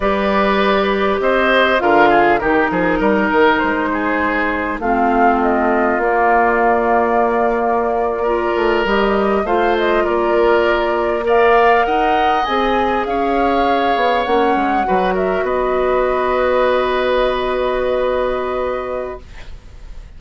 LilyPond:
<<
  \new Staff \with { instrumentName = "flute" } { \time 4/4 \tempo 4 = 100 d''2 dis''4 f''4 | ais'2 c''2 | f''4 dis''4 d''2~ | d''2~ d''8. dis''4 f''16~ |
f''16 dis''8 d''2 f''4 fis''16~ | fis''8. gis''4 f''2 fis''16~ | fis''4~ fis''16 e''8 dis''2~ dis''16~ | dis''1 | }
  \new Staff \with { instrumentName = "oboe" } { \time 4/4 b'2 c''4 ais'8 gis'8 | g'8 gis'8 ais'4. gis'4. | f'1~ | f'4.~ f'16 ais'2 c''16~ |
c''8. ais'2 d''4 dis''16~ | dis''4.~ dis''16 cis''2~ cis''16~ | cis''8. b'8 ais'8 b'2~ b'16~ | b'1 | }
  \new Staff \with { instrumentName = "clarinet" } { \time 4/4 g'2. f'4 | dis'1 | c'2 ais2~ | ais4.~ ais16 f'4 g'4 f'16~ |
f'2~ f'8. ais'4~ ais'16~ | ais'8. gis'2. cis'16~ | cis'8. fis'2.~ fis'16~ | fis'1 | }
  \new Staff \with { instrumentName = "bassoon" } { \time 4/4 g2 c'4 d4 | dis8 f8 g8 dis8 gis2 | a2 ais2~ | ais2~ ais16 a8 g4 a16~ |
a8. ais2. dis'16~ | dis'8. c'4 cis'4. b8 ais16~ | ais16 gis8 fis4 b2~ b16~ | b1 | }
>>